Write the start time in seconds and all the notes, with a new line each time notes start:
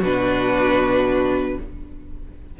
0.00 B2 D4 F#4 B4